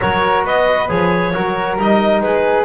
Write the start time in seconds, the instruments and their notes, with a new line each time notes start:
0.00 double bass F#3, trombone F#4, flute A#4, clarinet C#5
0.44 double bass B3, flute B4, clarinet D#5
0.88 double bass F3, trombone G#4, clarinet C#5
1.34 double bass F#3, trombone F#4, flute A#4
1.76 double bass G3, trombone D#4, clarinet D#5
2.20 double bass G#3, flute G#4, clarinet B4